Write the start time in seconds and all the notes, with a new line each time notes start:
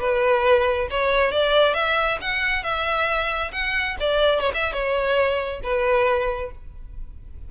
0.00 B4
0.91 C#5
1.32 D5
1.74 E5
2.22 F#5
2.64 E5
3.53 F#5
4.00 D5
4.41 C#5
4.54 E5
4.73 C#5
5.64 B4